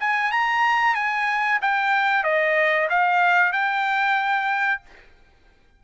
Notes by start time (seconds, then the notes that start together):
0.00 G#5
0.32 A#5
0.95 G#5
1.62 G5
2.24 D#5
2.89 F5
3.52 G5